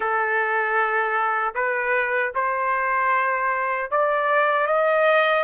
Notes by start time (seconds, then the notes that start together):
0.00 A4
1.54 B4
2.34 C5
3.90 D5
4.66 D#5